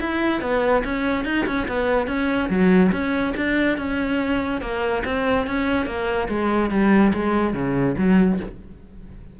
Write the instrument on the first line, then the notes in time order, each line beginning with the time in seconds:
cello
0.00 E4
0.41 B3
0.84 C#4
1.25 D#4
1.46 C#4
1.68 B3
2.07 C#4
2.49 F#3
2.92 C#4
3.36 D4
3.78 C#4
4.61 A#3
5.05 C4
5.47 C#4
5.86 A#3
6.28 G#3
6.70 G3
7.13 G#3
7.53 C#3
7.98 F#3